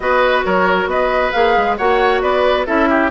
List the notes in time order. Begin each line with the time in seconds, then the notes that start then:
0.00 B3 F#4 B4 D#5
0.44 F#3 A#4 C#5
0.86 B3 B4 D#5
1.32 A#3 G#4 F5
1.57 G#3
1.77 A#3 F#4 C#5 F#5
2.21 B3 B4 D5
2.66 C#4 E4 A4 E5
2.89 G4